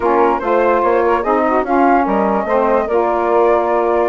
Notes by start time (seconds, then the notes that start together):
0.00 A#3 C#4 F4 A#4
0.39 A3 F4 C5
0.82 A#3 C#5
1.04 A#4
1.21 C4 D#4 G#4 D#5
1.47 F#4
1.62 C#4 F4 F5
2.03 G3 A#4 D#5
2.44 A3 C4 C5
2.85 A#3 F4 A#4 D5